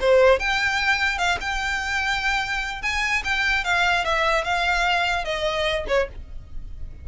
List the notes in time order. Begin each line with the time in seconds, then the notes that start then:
0.00 C5
0.39 G5
1.18 F5
1.40 G5
2.82 G#5
3.24 G5
3.64 F5
4.04 E5
4.44 F5
5.24 D#5
5.88 C#5